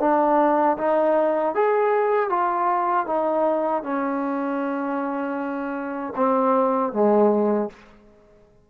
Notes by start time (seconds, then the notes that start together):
0.00 D4
0.78 D#4
1.55 G#4
2.29 F4
3.06 D#4
3.83 C#4
6.16 C4
6.93 G#3